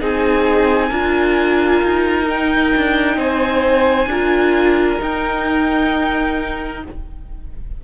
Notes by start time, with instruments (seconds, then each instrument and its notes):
0.00 cello C4, viola D#4, violin G#4 G#5
0.90 cello D4, viola F4, violin A#4
1.84 cello D#4
2.26 viola D#4, violin G5
2.77 cello D4
3.16 cello C4, violin C5 G#5
4.06 cello D4, viola F4, violin A#4
5.00 viola D#4, cello D#4, violin G5